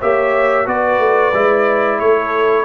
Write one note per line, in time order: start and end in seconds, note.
0.00 0.67 A#3
0.00 0.66 G4
0.00 0.67 C#5
0.00 0.68 E5
0.66 0.99 B3
0.66 1.33 F#4
0.66 2.01 B4
0.66 2.00 D5
0.99 1.33 A3
1.34 2.00 G#3
1.34 2.65 E4
2.00 2.65 A3
2.00 2.65 A4
2.00 2.65 C#5